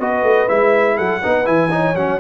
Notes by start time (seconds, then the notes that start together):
0.00 B3 F#4 B4 D#5
0.23 A3
0.49 G#3 E4 E5
0.96 F#3 A4 F#5
1.22 B3 D#4 B4
1.45 E3 E4 G#5
1.71 D#4 C#5
1.95 F#3 C#4 F#5